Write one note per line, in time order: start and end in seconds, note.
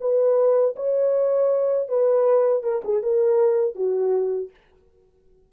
0.00 0.75 B4
0.76 1.88 C#5
1.88 2.63 B4
2.63 2.82 A#4
2.84 3.02 G#4
3.02 3.75 A#4
3.75 4.50 F#4